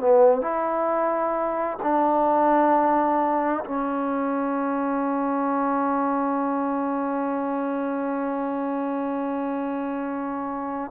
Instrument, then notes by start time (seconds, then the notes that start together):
trombone
0.00 B3
0.42 E4
1.83 D4
3.65 C#4